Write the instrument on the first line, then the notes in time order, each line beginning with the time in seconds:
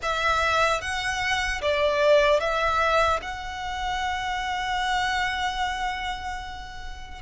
violin
0.02 E5
0.81 F#5
1.61 D5
2.40 E5
3.21 F#5